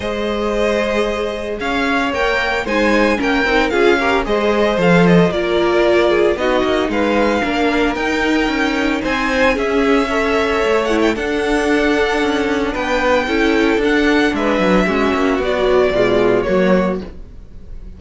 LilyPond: <<
  \new Staff \with { instrumentName = "violin" } { \time 4/4 \tempo 4 = 113 dis''2. f''4 | g''4 gis''4 g''4 f''4 | dis''4 f''8 dis''8 d''2 | dis''4 f''2 g''4~ |
g''4 gis''4 e''2~ | e''8 fis''16 g''16 fis''2. | g''2 fis''4 e''4~ | e''4 d''2 cis''4 | }
  \new Staff \with { instrumentName = "violin" } { \time 4/4 c''2. cis''4~ | cis''4 c''4 ais'4 gis'8 ais'8 | c''2 ais'4. gis'8 | fis'4 b'4 ais'2~ |
ais'4 c''4 gis'4 cis''4~ | cis''4 a'2. | b'4 a'2 b'4 | fis'2 f'4 fis'4 | }
  \new Staff \with { instrumentName = "viola" } { \time 4/4 gis'1 | ais'4 dis'4 cis'8 dis'8 f'8 g'8 | gis'4 a'4 f'2 | dis'2 d'4 dis'4~ |
dis'2 cis'4 a'4~ | a'8 e'8 d'2.~ | d'4 e'4 d'2 | cis'4 fis4 gis4 ais4 | }
  \new Staff \with { instrumentName = "cello" } { \time 4/4 gis2. cis'4 | ais4 gis4 ais8 c'8 cis'4 | gis4 f4 ais2 | b8 ais8 gis4 ais4 dis'4 |
cis'4 c'4 cis'2 | a4 d'2 cis'4 | b4 cis'4 d'4 gis8 fis8 | gis8 ais8 b4 b,4 fis4 | }
>>